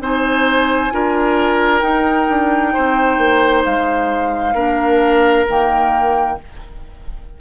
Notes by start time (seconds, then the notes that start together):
0.00 C4 D#4 C5 G#5
0.91 D4 F4 A#4
1.81 D#4 G5
2.28 D4
2.73 C4 C5
3.17 A#3
3.65 G#3 F5
4.54 A#3 D4 A#4
5.48 D#3 A#3 G5